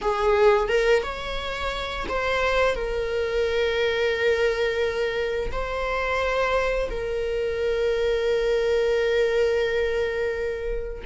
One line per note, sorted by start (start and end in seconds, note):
0.01 0.68 G#4
0.68 1.02 A#4
1.02 2.06 C#5
2.08 2.75 C5
2.75 5.51 A#4
5.51 6.89 C5
6.90 11.03 A#4